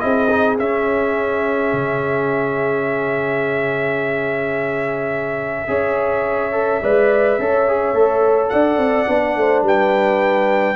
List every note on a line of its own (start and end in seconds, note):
0.00 0.59 C4
0.00 0.28 E4
0.00 5.69 G#4
0.00 0.57 D#5
0.30 0.59 D#4
0.59 5.68 C#4
0.59 1.73 C#4
0.59 8.49 E5
1.73 5.68 C#3
5.68 6.81 C#4
5.68 6.52 G#4
5.68 6.82 C#5
6.52 6.81 A4
6.82 7.39 G#3
6.82 7.40 B4
6.82 7.39 D5
7.39 7.94 C#4
7.39 7.68 A4
7.39 8.52 C#5
7.68 7.95 G#4
7.94 8.50 A3
7.94 9.07 A4
8.49 8.78 D4
8.49 9.37 D5
8.49 9.62 F#5
8.78 9.06 C4
9.07 9.36 B3
9.07 10.76 D4
9.36 9.62 A3
9.36 9.65 C5
9.62 10.76 G3
9.62 10.76 B4
9.62 10.76 G5